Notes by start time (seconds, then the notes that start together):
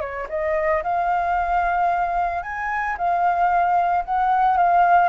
0.00 C#5
0.29 D#5
0.83 F5
2.43 G#5
2.97 F5
4.05 F#5
4.57 F5